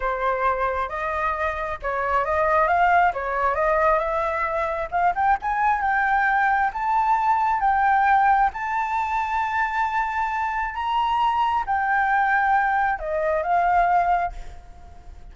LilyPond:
\new Staff \with { instrumentName = "flute" } { \time 4/4 \tempo 4 = 134 c''2 dis''2 | cis''4 dis''4 f''4 cis''4 | dis''4 e''2 f''8 g''8 | gis''4 g''2 a''4~ |
a''4 g''2 a''4~ | a''1 | ais''2 g''2~ | g''4 dis''4 f''2 | }